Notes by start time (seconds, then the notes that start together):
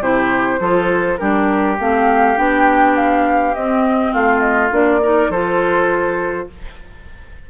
0.00 C3 E4 G4 C5
0.59 F3 F4 A4
1.17 G3 D4 G4 A#4
1.79 A3 C4 F5
2.36 B3 D4 G5
2.96 F5
3.54 C4 D#5
4.12 A3 F4 F5
4.40 D#5
4.71 A#3 D4 D5
5.02 D#4 A#4
5.29 F3 F4 A4 C5